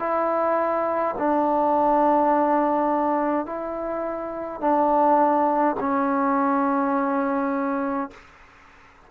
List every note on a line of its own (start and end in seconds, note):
0.00 1.15 E4
1.19 3.46 D4
3.46 4.61 E4
4.61 5.76 D4
5.81 8.11 C#4